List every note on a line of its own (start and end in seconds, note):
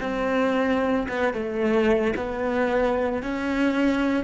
0.00 1.07 C4
1.09 1.33 B3
1.33 2.14 A3
2.16 3.22 B3
3.22 4.24 C#4